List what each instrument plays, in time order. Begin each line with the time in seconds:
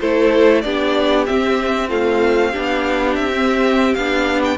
0.00 cello A3, viola E4, violin A4 C5
0.61 cello B3, viola D4, violin G4 D5
1.26 viola C4, cello C4, violin E5
1.89 viola A3, violin F4 F5
2.51 cello B3, viola D4, violin G4
3.15 cello C4, violin E5
3.32 viola C4
3.94 cello B3, viola D4, violin F5
4.44 violin G5